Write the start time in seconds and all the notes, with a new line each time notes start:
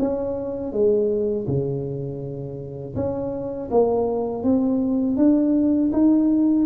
0.00 C#4
0.73 G#3
1.47 C#3
2.96 C#4
3.71 A#3
4.44 C4
5.18 D4
5.93 D#4